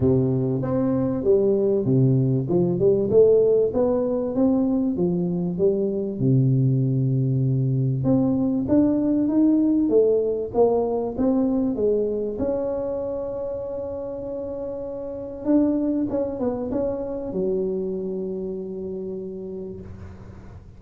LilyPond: \new Staff \with { instrumentName = "tuba" } { \time 4/4 \tempo 4 = 97 c4 c'4 g4 c4 | f8 g8 a4 b4 c'4 | f4 g4 c2~ | c4 c'4 d'4 dis'4 |
a4 ais4 c'4 gis4 | cis'1~ | cis'4 d'4 cis'8 b8 cis'4 | fis1 | }